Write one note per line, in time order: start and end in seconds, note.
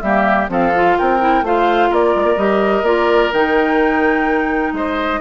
0.00 0.48 G3
0.00 0.48 A#3
0.00 0.50 G4
0.00 0.47 E5
0.48 0.96 F3
0.48 0.72 C4
0.48 0.98 A4
0.48 0.98 F5
0.75 1.19 F4
0.98 1.42 C4
0.98 1.45 A#4
0.98 1.45 G5
1.19 1.43 E4
1.42 1.89 A3
1.42 2.37 F4
1.42 1.89 C5
1.42 1.93 F5
1.89 2.15 A#3
1.89 4.73 A#4
1.89 2.37 D5
2.16 2.23 G#3
2.23 2.35 A#3
2.37 2.82 G3
2.37 2.84 G4
2.37 2.85 D#5
2.82 3.30 A#3
2.82 3.31 F4
2.82 3.32 D5
3.32 4.72 D#3
3.32 5.20 D#4
3.32 4.74 G5
4.72 5.19 G#3
4.72 5.20 C5
4.72 5.20 D#5